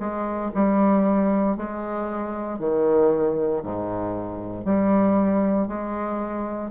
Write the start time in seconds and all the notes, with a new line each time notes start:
0.00 G#3
0.55 G3
1.57 G#3
2.59 D#3
3.63 G#2
4.65 G3
5.68 G#3